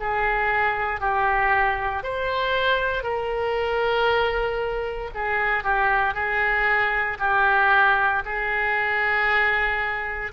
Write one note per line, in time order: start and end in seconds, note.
0.00 1.00 G#4
1.00 2.03 G4
2.03 3.03 C5
3.03 5.10 A#4
5.14 5.63 G#4
5.63 6.14 G4
6.14 7.18 G#4
7.19 8.23 G4
8.25 10.32 G#4